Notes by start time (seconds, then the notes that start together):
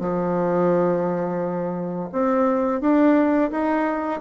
0.00 F3
2.12 C4
2.81 D4
3.51 D#4